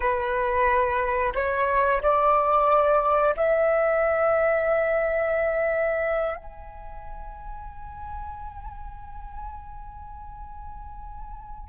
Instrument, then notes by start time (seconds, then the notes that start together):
flute
0.00 B4
1.35 C#5
2.02 D5
3.36 E5
6.36 G#5